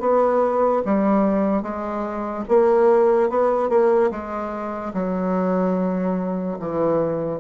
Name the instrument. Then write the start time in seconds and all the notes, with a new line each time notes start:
bassoon
0.00 B3
0.85 G3
1.63 G#3
2.48 A#3
3.30 B3
3.69 A#3
4.11 G#3
4.94 F#3
6.59 E3